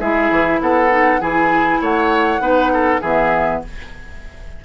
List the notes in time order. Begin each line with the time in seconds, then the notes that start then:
0.00 G#3 E4 G#4 E5
0.31 E3
0.61 B3 A4 F#5
0.90 D#4
1.21 E3 E4 G#4 G#5
1.81 A3 C#5 F#5
2.40 B3 D#4 B4
2.73 A4
3.01 E3 B3 G#4 E5